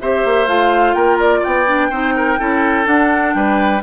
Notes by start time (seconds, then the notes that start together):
0.00 C4 G4 C5 E5
0.24 A#3
0.47 A3 F4 F5
0.94 A#3 A#4 G5
1.19 D5
1.40 B3 D5 G5
1.67 D4
1.90 C4 D#4 C5
2.16 A#4
2.38 C#4 E4 A4
2.85 D4 F#5
3.34 G3 B4 G5